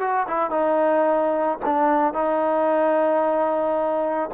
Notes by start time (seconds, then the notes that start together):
0.00 F#4
0.28 E4
0.51 D#4
1.65 D4
2.14 D#4